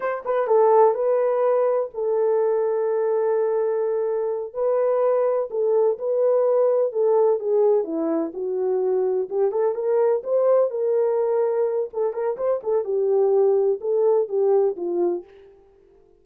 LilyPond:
\new Staff \with { instrumentName = "horn" } { \time 4/4 \tempo 4 = 126 c''8 b'8 a'4 b'2 | a'1~ | a'4. b'2 a'8~ | a'8 b'2 a'4 gis'8~ |
gis'8 e'4 fis'2 g'8 | a'8 ais'4 c''4 ais'4.~ | ais'4 a'8 ais'8 c''8 a'8 g'4~ | g'4 a'4 g'4 f'4 | }